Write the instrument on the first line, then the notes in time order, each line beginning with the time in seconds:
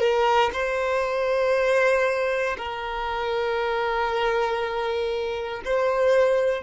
violin
0.00 A#4
0.54 C5
2.57 A#4
5.65 C5